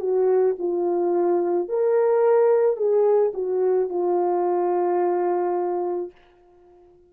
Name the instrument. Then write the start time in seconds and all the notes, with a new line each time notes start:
horn
0.00 F#4
0.59 F4
1.69 A#4
2.77 G#4
3.34 F#4
3.89 F4